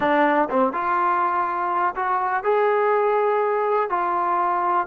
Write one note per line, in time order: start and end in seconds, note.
0.00 0.49 D4
0.49 0.72 C4
0.72 1.94 F4
1.95 2.43 F#4
2.43 3.89 G#4
3.89 4.87 F4